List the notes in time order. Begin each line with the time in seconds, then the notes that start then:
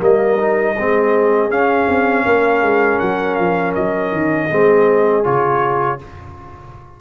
0.00 G3 A#3 A#4 D#5
0.38 D#4
0.74 G#3 C4 G#4
1.50 C#4 F5
1.88 C4
2.25 A#3 A#4
2.62 G#3
3.00 F#3 F#5
3.35 F3 F5
3.75 F#3 D#5
4.12 D#3
4.50 G#3 C4 G#4
5.24 C#3 F4 C#5